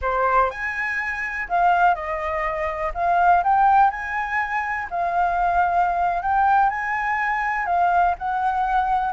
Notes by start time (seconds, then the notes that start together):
0.01 C5
0.50 G#5
1.48 F5
1.94 D#5
2.94 F5
3.43 G5
3.90 G#5
4.90 F5
6.22 G5
6.69 G#5
7.66 F5
8.18 F#5